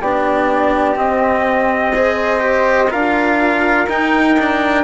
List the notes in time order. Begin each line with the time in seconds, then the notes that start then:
0.00 B3 D4 G4 D5
0.95 C4 D#5
1.95 G#4 C5
2.39 G4
2.90 D4 F4 A#4 F5
3.87 D#4 G5
4.39 D4